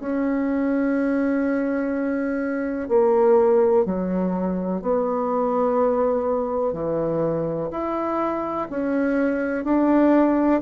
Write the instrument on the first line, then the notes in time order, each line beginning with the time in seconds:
bassoon
0.00 C#4
2.88 A#3
3.85 F#3
4.82 B3
6.73 E3
7.71 E4
8.70 C#4
9.65 D4